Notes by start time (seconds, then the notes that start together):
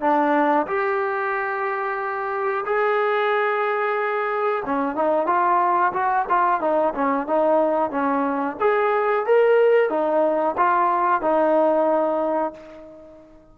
0.00 D4
0.67 G4
2.65 G#4
4.65 C#4
4.95 D#4
5.26 F4
5.92 F#4
6.29 F4
6.61 D#4
6.94 C#4
7.26 D#4
7.91 C#4
8.60 G#4
9.26 A#4
9.89 D#4
10.57 F4
11.21 D#4